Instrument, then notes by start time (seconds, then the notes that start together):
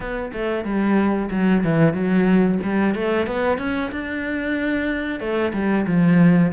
cello
0.00 B3
0.32 A3
0.64 G3
1.30 F#3
1.63 E3
1.93 F#3
2.62 G3
2.94 A3
3.26 B3
3.58 C#4
3.91 D4
5.20 A3
5.53 G3
5.87 F3